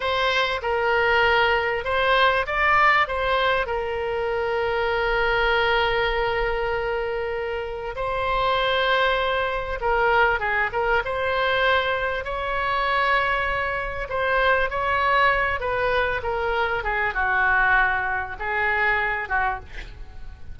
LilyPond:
\new Staff \with { instrumentName = "oboe" } { \time 4/4 \tempo 4 = 98 c''4 ais'2 c''4 | d''4 c''4 ais'2~ | ais'1~ | ais'4 c''2. |
ais'4 gis'8 ais'8 c''2 | cis''2. c''4 | cis''4. b'4 ais'4 gis'8 | fis'2 gis'4. fis'8 | }